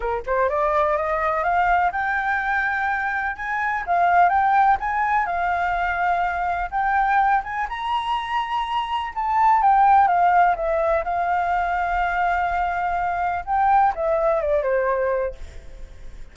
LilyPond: \new Staff \with { instrumentName = "flute" } { \time 4/4 \tempo 4 = 125 ais'8 c''8 d''4 dis''4 f''4 | g''2. gis''4 | f''4 g''4 gis''4 f''4~ | f''2 g''4. gis''8 |
ais''2. a''4 | g''4 f''4 e''4 f''4~ | f''1 | g''4 e''4 d''8 c''4. | }